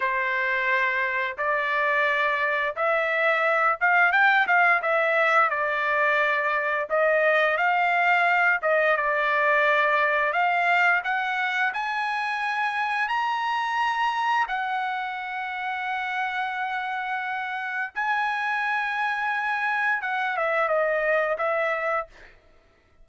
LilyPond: \new Staff \with { instrumentName = "trumpet" } { \time 4/4 \tempo 4 = 87 c''2 d''2 | e''4. f''8 g''8 f''8 e''4 | d''2 dis''4 f''4~ | f''8 dis''8 d''2 f''4 |
fis''4 gis''2 ais''4~ | ais''4 fis''2.~ | fis''2 gis''2~ | gis''4 fis''8 e''8 dis''4 e''4 | }